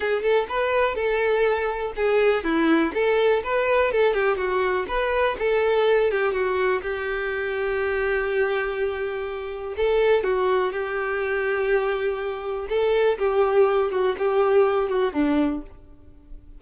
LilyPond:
\new Staff \with { instrumentName = "violin" } { \time 4/4 \tempo 4 = 123 gis'8 a'8 b'4 a'2 | gis'4 e'4 a'4 b'4 | a'8 g'8 fis'4 b'4 a'4~ | a'8 g'8 fis'4 g'2~ |
g'1 | a'4 fis'4 g'2~ | g'2 a'4 g'4~ | g'8 fis'8 g'4. fis'8 d'4 | }